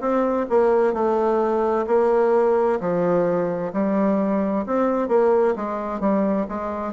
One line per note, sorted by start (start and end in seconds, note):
0.00 0.46 C4
0.49 0.93 A#3
0.93 1.85 A3
1.87 2.79 A#3
2.80 3.72 F3
3.73 4.65 G3
4.66 5.08 C4
5.08 5.54 A#3
5.56 6.00 G#3
6.00 6.46 G3
6.48 6.93 G#3